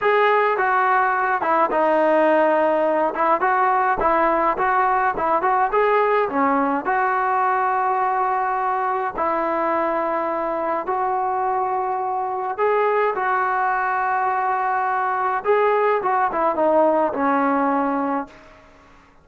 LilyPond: \new Staff \with { instrumentName = "trombone" } { \time 4/4 \tempo 4 = 105 gis'4 fis'4. e'8 dis'4~ | dis'4. e'8 fis'4 e'4 | fis'4 e'8 fis'8 gis'4 cis'4 | fis'1 |
e'2. fis'4~ | fis'2 gis'4 fis'4~ | fis'2. gis'4 | fis'8 e'8 dis'4 cis'2 | }